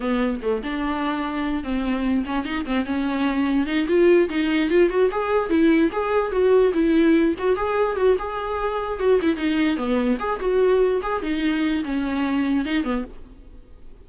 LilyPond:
\new Staff \with { instrumentName = "viola" } { \time 4/4 \tempo 4 = 147 b4 a8 d'2~ d'8 | c'4. cis'8 dis'8 c'8 cis'4~ | cis'4 dis'8 f'4 dis'4 f'8 | fis'8 gis'4 e'4 gis'4 fis'8~ |
fis'8 e'4. fis'8 gis'4 fis'8 | gis'2 fis'8 e'8 dis'4 | b4 gis'8 fis'4. gis'8 dis'8~ | dis'4 cis'2 dis'8 b8 | }